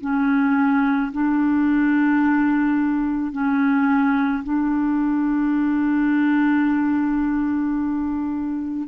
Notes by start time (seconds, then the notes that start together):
0.00 C#4
1.12 D4
3.32 C#4
4.43 D4